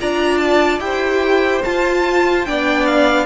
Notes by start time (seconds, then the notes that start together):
0.00 D4 F4 D5 A#5
0.37 A5
0.79 E4 G4 C5 G5
1.64 F4 A5
2.46 B3 D4 D5 G5
2.86 F5